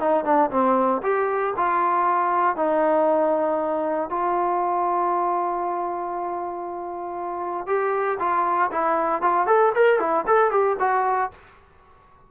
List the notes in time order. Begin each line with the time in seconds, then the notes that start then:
0.00 D#4
0.24 D4
0.51 C4
1.03 G4
1.57 F4
2.56 D#4
4.10 F4
7.67 G4
8.19 F4
8.72 E4
9.22 F4
9.47 A4
9.75 A#4
9.99 E4
10.27 A4
10.51 G4
10.80 F#4